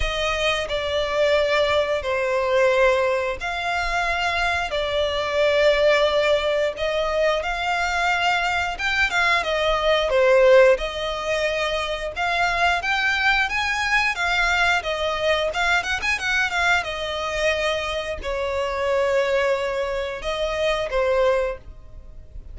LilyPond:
\new Staff \with { instrumentName = "violin" } { \time 4/4 \tempo 4 = 89 dis''4 d''2 c''4~ | c''4 f''2 d''4~ | d''2 dis''4 f''4~ | f''4 g''8 f''8 dis''4 c''4 |
dis''2 f''4 g''4 | gis''4 f''4 dis''4 f''8 fis''16 gis''16 | fis''8 f''8 dis''2 cis''4~ | cis''2 dis''4 c''4 | }